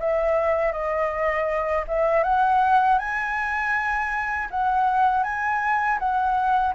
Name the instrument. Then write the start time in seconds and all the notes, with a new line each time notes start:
flute
0.00 E5
0.72 D#5
1.88 E5
2.24 F#5
2.99 G#5
4.51 F#5
5.24 G#5
5.99 F#5